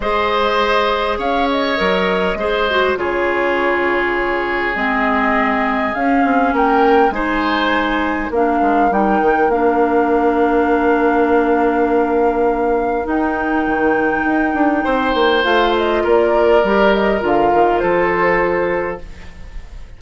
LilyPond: <<
  \new Staff \with { instrumentName = "flute" } { \time 4/4 \tempo 4 = 101 dis''2 f''8 dis''4.~ | dis''4 cis''2. | dis''2 f''4 g''4 | gis''2 f''4 g''4 |
f''1~ | f''2 g''2~ | g''2 f''8 dis''8 d''4~ | d''8 dis''8 f''4 c''2 | }
  \new Staff \with { instrumentName = "oboe" } { \time 4/4 c''2 cis''2 | c''4 gis'2.~ | gis'2. ais'4 | c''2 ais'2~ |
ais'1~ | ais'1~ | ais'4 c''2 ais'4~ | ais'2 a'2 | }
  \new Staff \with { instrumentName = "clarinet" } { \time 4/4 gis'2. ais'4 | gis'8 fis'8 f'2. | c'2 cis'2 | dis'2 d'4 dis'4 |
d'1~ | d'2 dis'2~ | dis'2 f'2 | g'4 f'2. | }
  \new Staff \with { instrumentName = "bassoon" } { \time 4/4 gis2 cis'4 fis4 | gis4 cis2. | gis2 cis'8 c'8 ais4 | gis2 ais8 gis8 g8 dis8 |
ais1~ | ais2 dis'4 dis4 | dis'8 d'8 c'8 ais8 a4 ais4 | g4 d8 dis8 f2 | }
>>